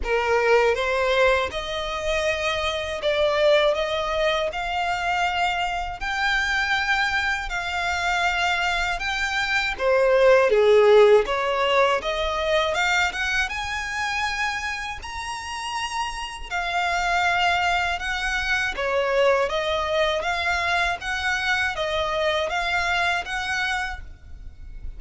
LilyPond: \new Staff \with { instrumentName = "violin" } { \time 4/4 \tempo 4 = 80 ais'4 c''4 dis''2 | d''4 dis''4 f''2 | g''2 f''2 | g''4 c''4 gis'4 cis''4 |
dis''4 f''8 fis''8 gis''2 | ais''2 f''2 | fis''4 cis''4 dis''4 f''4 | fis''4 dis''4 f''4 fis''4 | }